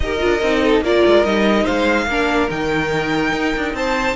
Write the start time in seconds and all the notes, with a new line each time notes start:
0.00 D#4 G4 A#4 D#5
0.18 D4 F4
0.42 C4 D#4
0.62 A4
0.80 A#3 F4 A#4 D5
1.05 G#3
1.24 G3 D#4 D#5
1.63 G#3 C5 F5
2.06 A#3 D4 A#4
2.49 D#3 D#4 G5
3.32 D#4
3.56 D4
3.73 C4 C5 A5